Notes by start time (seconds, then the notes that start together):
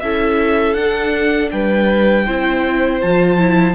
0.00 C#4 E4 A4 E5
0.74 D4 F#5
1.51 G3 B4 G5
2.26 C4 E4 C5
3.01 F3 F4 A5
3.39 E4